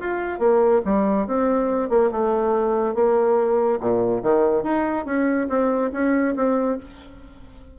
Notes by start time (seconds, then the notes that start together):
0.00 F4
0.39 A#3
0.85 G3
1.27 C4
1.90 A#3
2.12 A3
2.95 A#3
3.80 A#2
4.23 D#3
4.63 D#4
5.06 C#4
5.49 C4
5.93 C#4
6.36 C4